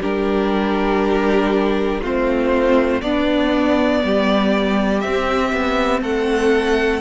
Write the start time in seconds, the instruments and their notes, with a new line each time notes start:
0.00 cello G3, viola D4, violin G4 A#4
2.01 cello A3, viola C4, violin F4 C5
3.01 cello B3, viola B3, violin D4 D5
4.04 cello G3, violin G4
5.00 viola C4, cello C4, violin E5
5.52 cello B3
6.01 cello A3, violin A4 F#5